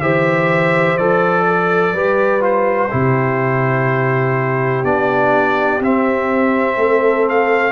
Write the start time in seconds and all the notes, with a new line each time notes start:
0.00 E3 G4 C5 E5
0.97 F3 A4 D5
1.46 A4
1.92 G3 G4 B4
2.40 F4 C5
2.90 C3 E4 G4
4.83 B3 D4 D5
5.79 C4 E5
6.76 A3 A4
7.29 F5